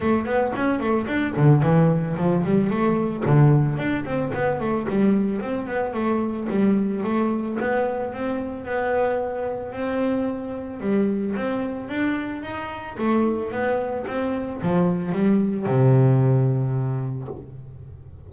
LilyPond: \new Staff \with { instrumentName = "double bass" } { \time 4/4 \tempo 4 = 111 a8 b8 cis'8 a8 d'8 d8 e4 | f8 g8 a4 d4 d'8 c'8 | b8 a8 g4 c'8 b8 a4 | g4 a4 b4 c'4 |
b2 c'2 | g4 c'4 d'4 dis'4 | a4 b4 c'4 f4 | g4 c2. | }